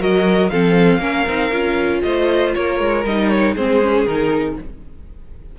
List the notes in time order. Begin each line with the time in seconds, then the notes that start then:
0.00 F#3 F#4 A#4 D#5
0.49 F3 C4 A4 F5
0.99 A#3 C#4 A#4
1.28 C4 D#4
1.51 C#4 F4
2.02 A3 C5 D#5
2.54 A#3 A#4 C#5
2.80 G#3
3.05 G3 D#4 D#5
3.29 C#5
3.55 G#3 C4 G#4 C5
3.82 C#4
4.06 D#3 D#4 A#4